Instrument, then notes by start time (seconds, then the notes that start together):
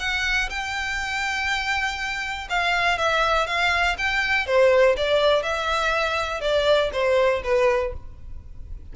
violin
0.00 F#5
0.50 G5
2.50 F5
2.98 E5
3.47 F5
3.98 G5
4.47 C5
4.97 D5
5.43 E5
6.41 D5
6.93 C5
7.44 B4